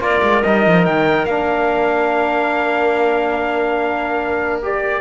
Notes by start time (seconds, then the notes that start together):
0.00 A#3 F4 A#4 D5
0.23 G#3
0.43 G3 D#4 D#5
0.67 F3
0.86 D#3 G5
1.25 A#3 D4 F5
4.63 G4 D5